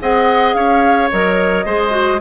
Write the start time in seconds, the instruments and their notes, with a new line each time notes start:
0.00 bassoon C4, clarinet G#4, oboe D#5, flute F#5
0.54 bassoon C#4, oboe C#5, flute F5
1.11 bassoon F#3, clarinet A#4, flute D#5
1.65 bassoon G#3, clarinet G#4, oboe C5
1.90 clarinet F#4